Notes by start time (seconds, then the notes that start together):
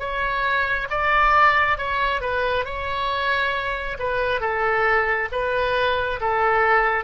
0.00 C#5
0.91 D5
1.78 C#5
2.21 B4
2.66 C#5
3.99 B4
4.41 A4
5.32 B4
6.21 A4